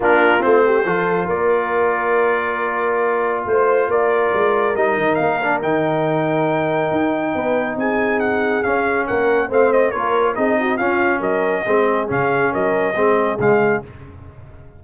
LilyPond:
<<
  \new Staff \with { instrumentName = "trumpet" } { \time 4/4 \tempo 4 = 139 ais'4 c''2 d''4~ | d''1 | c''4 d''2 dis''4 | f''4 g''2.~ |
g''2 gis''4 fis''4 | f''4 fis''4 f''8 dis''8 cis''4 | dis''4 f''4 dis''2 | f''4 dis''2 f''4 | }
  \new Staff \with { instrumentName = "horn" } { \time 4/4 f'4. g'8 a'4 ais'4~ | ais'1 | c''4 ais'2.~ | ais'1~ |
ais'4 b'4 gis'2~ | gis'4 ais'4 c''4 ais'4 | gis'8 fis'8 f'4 ais'4 gis'4~ | gis'4 ais'4 gis'2 | }
  \new Staff \with { instrumentName = "trombone" } { \time 4/4 d'4 c'4 f'2~ | f'1~ | f'2. dis'4~ | dis'8 d'8 dis'2.~ |
dis'1 | cis'2 c'4 f'4 | dis'4 cis'2 c'4 | cis'2 c'4 gis4 | }
  \new Staff \with { instrumentName = "tuba" } { \time 4/4 ais4 a4 f4 ais4~ | ais1 | a4 ais4 gis4 g8 dis8 | ais4 dis2. |
dis'4 b4 c'2 | cis'4 ais4 a4 ais4 | c'4 cis'4 fis4 gis4 | cis4 fis4 gis4 cis4 | }
>>